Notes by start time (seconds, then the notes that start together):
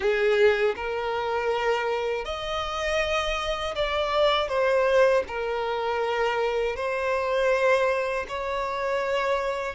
0.00 G#4
0.76 A#4
2.24 D#5
3.75 D5
4.48 C5
5.27 A#4
6.76 C5
8.28 C#5